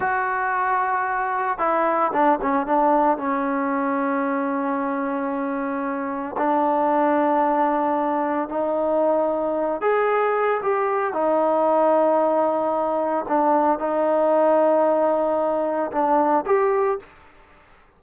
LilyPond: \new Staff \with { instrumentName = "trombone" } { \time 4/4 \tempo 4 = 113 fis'2. e'4 | d'8 cis'8 d'4 cis'2~ | cis'1 | d'1 |
dis'2~ dis'8 gis'4. | g'4 dis'2.~ | dis'4 d'4 dis'2~ | dis'2 d'4 g'4 | }